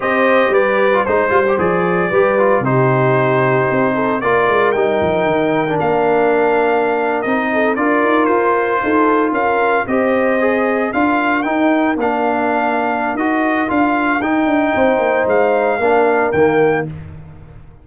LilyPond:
<<
  \new Staff \with { instrumentName = "trumpet" } { \time 4/4 \tempo 4 = 114 dis''4 d''4 c''4 d''4~ | d''4 c''2. | d''4 g''2 f''4~ | f''4.~ f''16 dis''4 d''4 c''16~ |
c''4.~ c''16 f''4 dis''4~ dis''16~ | dis''8. f''4 g''4 f''4~ f''16~ | f''4 dis''4 f''4 g''4~ | g''4 f''2 g''4 | }
  \new Staff \with { instrumentName = "horn" } { \time 4/4 c''4 b'4 c''2 | b'4 g'2~ g'8 a'8 | ais'1~ | ais'2~ ais'16 a'8 ais'4~ ais'16~ |
ais'8. a'4 ais'4 c''4~ c''16~ | c''8. ais'2.~ ais'16~ | ais'1 | c''2 ais'2 | }
  \new Staff \with { instrumentName = "trombone" } { \time 4/4 g'4.~ g'16 f'16 dis'8 f'16 g'16 gis'4 | g'8 f'8 dis'2. | f'4 dis'4.~ dis'16 d'4~ d'16~ | d'4.~ d'16 dis'4 f'4~ f'16~ |
f'2~ f'8. g'4 gis'16~ | gis'8. f'4 dis'4 d'4~ d'16~ | d'4 fis'4 f'4 dis'4~ | dis'2 d'4 ais4 | }
  \new Staff \with { instrumentName = "tuba" } { \time 4/4 c'4 g4 gis8 g8 f4 | g4 c2 c'4 | ais8 gis8 g8 f8 dis4 ais4~ | ais4.~ ais16 c'4 d'8 dis'8 f'16~ |
f'8. dis'4 cis'4 c'4~ c'16~ | c'8. d'4 dis'4 ais4~ ais16~ | ais4 dis'4 d'4 dis'8 d'8 | c'8 ais8 gis4 ais4 dis4 | }
>>